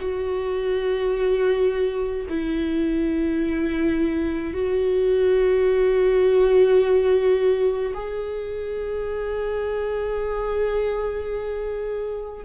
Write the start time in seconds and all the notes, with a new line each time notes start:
0.00 F#4
2.29 E4
4.54 F#4
7.94 G#4